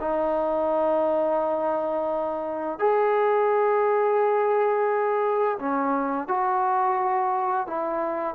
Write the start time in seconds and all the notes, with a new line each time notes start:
0.00 D#4
2.79 G#4
5.59 C#4
6.27 F#4
7.66 E4